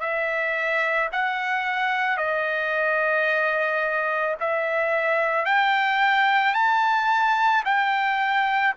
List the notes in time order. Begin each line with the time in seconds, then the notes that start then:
0.00 E5
1.12 F#5
2.17 D#5
4.40 E5
5.45 G5
6.54 A5
7.65 G5